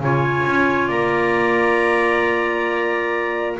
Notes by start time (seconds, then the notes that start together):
0.00 C#3 F4 C#5 G#5
0.47 C#4
0.88 A#3 D5 A#5